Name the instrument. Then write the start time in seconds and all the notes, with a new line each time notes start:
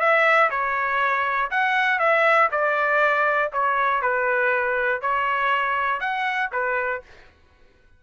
trumpet
0.00 E5
0.50 C#5
1.51 F#5
1.99 E5
2.52 D5
3.53 C#5
4.02 B4
5.02 C#5
6.01 F#5
6.53 B4